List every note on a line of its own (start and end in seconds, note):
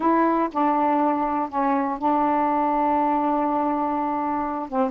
0.00 0.49 E4
0.52 1.49 D4
1.49 1.98 C#4
1.98 4.69 D4
4.69 4.90 C4